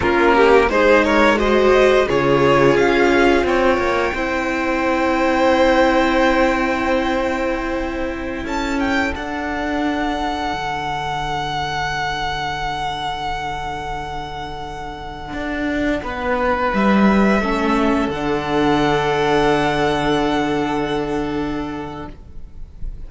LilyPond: <<
  \new Staff \with { instrumentName = "violin" } { \time 4/4 \tempo 4 = 87 ais'4 c''8 cis''8 dis''4 cis''4 | f''4 g''2.~ | g''1~ | g''16 a''8 g''8 fis''2~ fis''8.~ |
fis''1~ | fis''1~ | fis''16 e''2 fis''4.~ fis''16~ | fis''1 | }
  \new Staff \with { instrumentName = "violin" } { \time 4/4 f'8 g'8 gis'8 ais'8 c''4 gis'4~ | gis'4 cis''4 c''2~ | c''1~ | c''16 a'2.~ a'8.~ |
a'1~ | a'2.~ a'16 b'8.~ | b'4~ b'16 a'2~ a'8.~ | a'1 | }
  \new Staff \with { instrumentName = "viola" } { \time 4/4 cis'4 dis'4 fis'4 f'4~ | f'2 e'2~ | e'1~ | e'4~ e'16 d'2~ d'8.~ |
d'1~ | d'1~ | d'4~ d'16 cis'4 d'4.~ d'16~ | d'1 | }
  \new Staff \with { instrumentName = "cello" } { \time 4/4 ais4 gis2 cis4 | cis'4 c'8 ais8 c'2~ | c'1~ | c'16 cis'4 d'2 d8.~ |
d1~ | d2~ d16 d'4 b8.~ | b16 g4 a4 d4.~ d16~ | d1 | }
>>